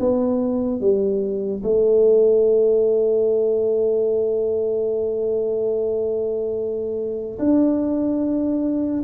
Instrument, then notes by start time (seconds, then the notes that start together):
tuba
0.00 B3
0.81 G3
1.64 A3
7.39 D4